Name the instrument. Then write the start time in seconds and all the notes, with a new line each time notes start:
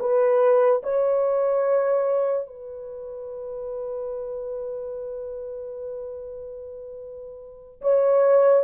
horn
0.00 B4
0.84 C#5
2.47 B4
7.82 C#5